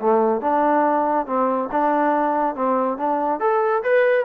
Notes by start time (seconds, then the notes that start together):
0.00 A3
0.41 D4
1.26 C4
1.72 D4
2.55 C4
2.98 D4
3.40 A4
3.83 B4